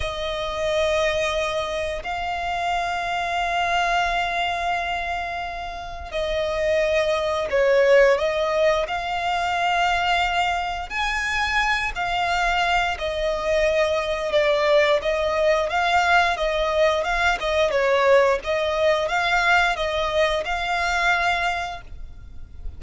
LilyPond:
\new Staff \with { instrumentName = "violin" } { \time 4/4 \tempo 4 = 88 dis''2. f''4~ | f''1~ | f''4 dis''2 cis''4 | dis''4 f''2. |
gis''4. f''4. dis''4~ | dis''4 d''4 dis''4 f''4 | dis''4 f''8 dis''8 cis''4 dis''4 | f''4 dis''4 f''2 | }